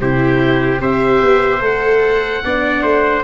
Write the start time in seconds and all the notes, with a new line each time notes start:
0.00 C3 E4 G4 C5
0.79 C4 G4 C5 E5
1.21 B3
1.61 A3 A4 F#5
2.44 B3 D4 D5
2.82 A3 C5